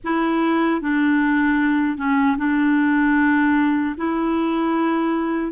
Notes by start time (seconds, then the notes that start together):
0.04 E4
0.81 D4
1.97 C#4
2.37 D4
3.97 E4